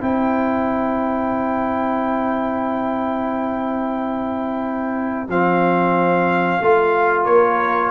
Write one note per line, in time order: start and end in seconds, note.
0.00 5.28 C4
0.00 5.27 E4
0.00 7.23 C5
0.00 5.29 G5
5.28 6.60 F3
5.28 6.62 C4
5.28 7.25 F5
6.60 7.26 A3
6.60 7.91 F4
7.23 7.91 A#3
7.23 7.89 A#4
7.23 7.91 C#5